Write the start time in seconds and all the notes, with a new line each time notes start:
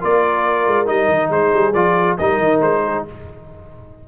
0.00 A#3 F4 A#4 D5
0.66 G#3
0.86 G3 D#4 D#5
1.08 D#3
1.30 G#3 G#4 C5
1.53 G3
1.73 F3 F4 D5
2.17 G3 D#4 A#4 D#5
2.38 D#3
2.60 G#3 C5
2.84 G#4